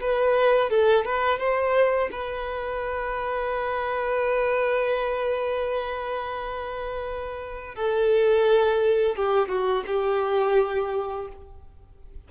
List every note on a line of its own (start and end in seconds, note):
0.00 0.70 B4
0.70 1.04 A4
1.04 1.39 B4
1.39 2.09 C5
2.11 7.75 B4
7.75 9.15 A4
9.15 9.48 G4
9.48 9.83 F#4
9.86 11.27 G4